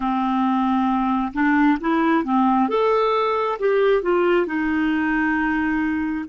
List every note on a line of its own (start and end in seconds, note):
0.00 1.32 C4
1.33 1.77 D4
1.80 2.24 E4
2.24 2.68 C4
2.68 3.58 A4
3.59 4.02 G4
4.02 4.46 F4
4.46 6.25 D#4